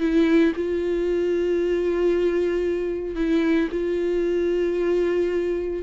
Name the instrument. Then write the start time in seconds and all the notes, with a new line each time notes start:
viola
0.00 E4
0.56 F4
3.16 E4
3.71 F4